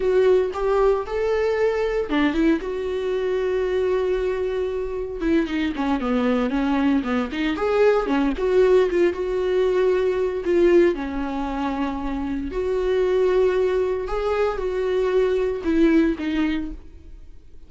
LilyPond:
\new Staff \with { instrumentName = "viola" } { \time 4/4 \tempo 4 = 115 fis'4 g'4 a'2 | d'8 e'8 fis'2.~ | fis'2 e'8 dis'8 cis'8 b8~ | b8 cis'4 b8 dis'8 gis'4 cis'8 |
fis'4 f'8 fis'2~ fis'8 | f'4 cis'2. | fis'2. gis'4 | fis'2 e'4 dis'4 | }